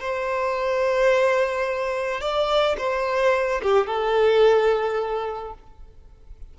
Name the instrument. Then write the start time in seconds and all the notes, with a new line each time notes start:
violin
0.00 C5
2.20 D5
2.78 C5
3.62 G4
3.87 A4